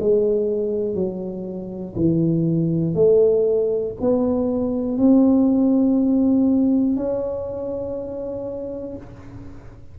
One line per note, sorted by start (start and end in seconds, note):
0.00 0.95 G#3
0.95 1.95 F#3
1.96 2.95 E3
2.95 3.95 A3
4.01 4.98 B3
4.98 6.97 C4
6.97 8.97 C#4